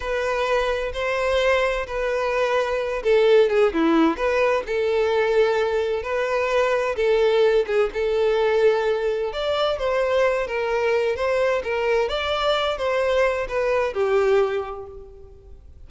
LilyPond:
\new Staff \with { instrumentName = "violin" } { \time 4/4 \tempo 4 = 129 b'2 c''2 | b'2~ b'8 a'4 gis'8 | e'4 b'4 a'2~ | a'4 b'2 a'4~ |
a'8 gis'8 a'2. | d''4 c''4. ais'4. | c''4 ais'4 d''4. c''8~ | c''4 b'4 g'2 | }